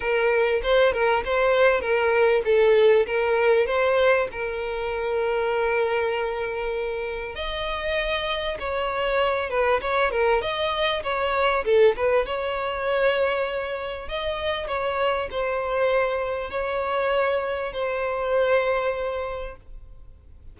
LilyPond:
\new Staff \with { instrumentName = "violin" } { \time 4/4 \tempo 4 = 98 ais'4 c''8 ais'8 c''4 ais'4 | a'4 ais'4 c''4 ais'4~ | ais'1 | dis''2 cis''4. b'8 |
cis''8 ais'8 dis''4 cis''4 a'8 b'8 | cis''2. dis''4 | cis''4 c''2 cis''4~ | cis''4 c''2. | }